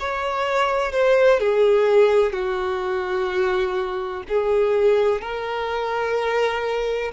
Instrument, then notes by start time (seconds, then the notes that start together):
violin
0.00 C#5
0.93 C5
1.40 G#4
2.33 F#4
4.29 G#4
5.22 A#4